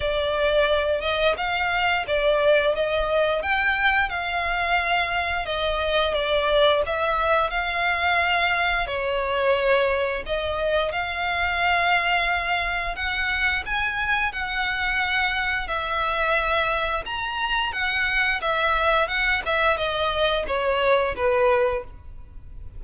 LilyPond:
\new Staff \with { instrumentName = "violin" } { \time 4/4 \tempo 4 = 88 d''4. dis''8 f''4 d''4 | dis''4 g''4 f''2 | dis''4 d''4 e''4 f''4~ | f''4 cis''2 dis''4 |
f''2. fis''4 | gis''4 fis''2 e''4~ | e''4 ais''4 fis''4 e''4 | fis''8 e''8 dis''4 cis''4 b'4 | }